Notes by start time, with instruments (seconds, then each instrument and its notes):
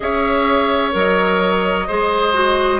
0.00 bassoon C#4, clarinet G#4, oboe C#5, flute E5
0.91 bassoon F#3, clarinet A#4, flute D#5
1.87 bassoon G#3, clarinet G#4, oboe C5
2.33 clarinet F#4